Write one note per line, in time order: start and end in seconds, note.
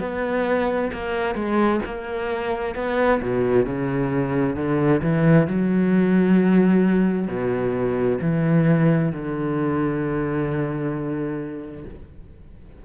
0.00 0.91 B3
0.93 1.35 A#3
1.35 1.81 G#3
1.86 2.76 A#3
2.76 3.21 B3
3.22 3.66 B2
3.66 4.57 C#3
4.57 5.02 D3
5.03 5.48 E3
5.48 7.28 F#3
7.28 8.19 B2
8.21 9.12 E3
9.12 11.85 D3